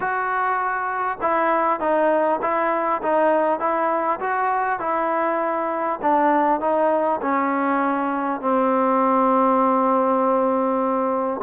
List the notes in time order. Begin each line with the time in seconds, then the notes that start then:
0.00 F#4
1.21 E4
1.79 D#4
2.41 E4
3.02 D#4
3.59 E4
4.19 F#4
4.79 E4
6.02 D4
6.60 D#4
7.21 C#4
8.41 C4